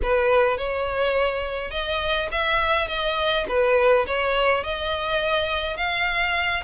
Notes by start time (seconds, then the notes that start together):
0.02 B4
0.57 C#5
1.70 D#5
2.31 E5
2.87 D#5
3.48 B4
4.06 C#5
4.63 D#5
5.76 F5